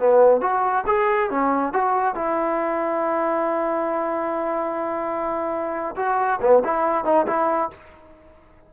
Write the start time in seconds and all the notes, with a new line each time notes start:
0.00 B3
0.42 F#4
0.87 G#4
1.31 C#4
1.73 F#4
2.15 E4
5.97 F#4
6.42 B3
6.65 E4
7.05 D#4
7.27 E4